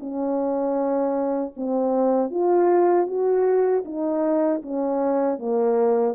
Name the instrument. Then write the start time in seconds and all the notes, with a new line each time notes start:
horn
0.00 C#4
1.57 C4
2.31 F4
3.07 F#4
3.85 D#4
4.63 C#4
5.39 A#3